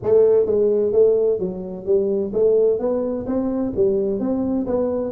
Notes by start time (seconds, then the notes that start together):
0.02 A3
0.46 G#3
0.92 A3
1.39 F#3
1.85 G3
2.33 A3
2.79 B3
3.26 C4
3.76 G3
4.19 C4
4.66 B3